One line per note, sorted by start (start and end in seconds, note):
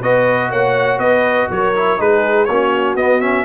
0.00 0.51 B3
0.00 1.74 F#4
0.00 0.49 B4
0.00 0.51 D#5
0.50 0.98 A#3
0.50 0.98 C#5
0.50 0.99 F#5
0.98 1.47 B3
0.98 1.47 B4
0.98 1.48 D#5
1.50 1.99 F#3
1.50 1.99 A#4
1.50 2.01 C#5
1.75 1.98 E4
1.98 2.48 G#3
1.98 2.47 D#4
1.98 2.48 G#4
1.98 2.45 B4
2.45 2.95 A#3
2.45 2.98 C#4
2.45 3.44 F#4
2.45 2.94 C#5
2.95 3.44 B3
2.95 3.21 B3
2.95 3.21 D#5
3.21 3.44 C#4
3.21 3.44 E5